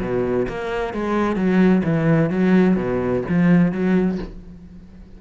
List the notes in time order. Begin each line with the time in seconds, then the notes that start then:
0.00 B2
0.48 A#3
0.93 G#3
1.36 F#3
1.84 E3
2.30 F#3
2.76 B2
3.29 F3
3.72 F#3